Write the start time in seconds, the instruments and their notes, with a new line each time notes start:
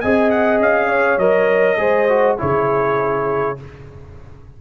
0.00 tuba C4, trombone G#4, horn D#5, trumpet G#5
0.30 trumpet F#5
0.59 tuba C#4, trumpet F5
0.87 horn C#5
1.17 tuba F#3, trombone A#4, trumpet D#5
1.77 tuba G#3, trombone G#4, horn C5
2.09 trombone F#4
2.37 tuba C#3, trombone E4, horn G#4, trumpet C#5